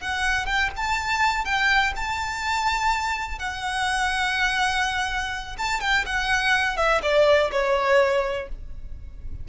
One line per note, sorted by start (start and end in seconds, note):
0.00 0.46 F#5
0.46 0.70 G5
0.76 1.44 A5
1.44 1.93 G5
1.96 3.38 A5
3.38 5.56 F#5
5.57 5.80 A5
5.80 6.04 G5
6.05 6.77 F#5
6.77 7.01 E5
7.02 7.50 D5
7.51 8.48 C#5